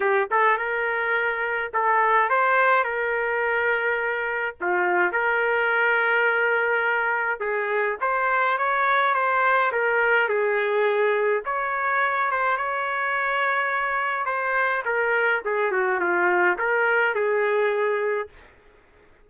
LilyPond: \new Staff \with { instrumentName = "trumpet" } { \time 4/4 \tempo 4 = 105 g'8 a'8 ais'2 a'4 | c''4 ais'2. | f'4 ais'2.~ | ais'4 gis'4 c''4 cis''4 |
c''4 ais'4 gis'2 | cis''4. c''8 cis''2~ | cis''4 c''4 ais'4 gis'8 fis'8 | f'4 ais'4 gis'2 | }